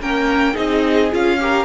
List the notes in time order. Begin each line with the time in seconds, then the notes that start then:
0.00 A#3 C#4 A#4 G5
0.53 C4 D#4 G#4 D#5
1.11 C#4 F4 F5
1.40 G4 A#4